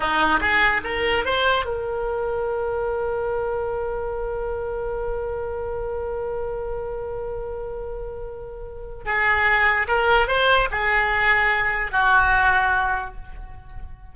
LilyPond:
\new Staff \with { instrumentName = "oboe" } { \time 4/4 \tempo 4 = 146 dis'4 gis'4 ais'4 c''4 | ais'1~ | ais'1~ | ais'1~ |
ais'1~ | ais'2 gis'2 | ais'4 c''4 gis'2~ | gis'4 fis'2. | }